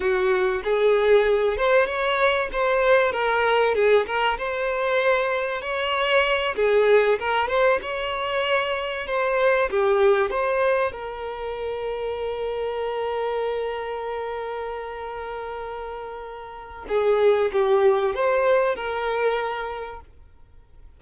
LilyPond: \new Staff \with { instrumentName = "violin" } { \time 4/4 \tempo 4 = 96 fis'4 gis'4. c''8 cis''4 | c''4 ais'4 gis'8 ais'8 c''4~ | c''4 cis''4. gis'4 ais'8 | c''8 cis''2 c''4 g'8~ |
g'8 c''4 ais'2~ ais'8~ | ais'1~ | ais'2. gis'4 | g'4 c''4 ais'2 | }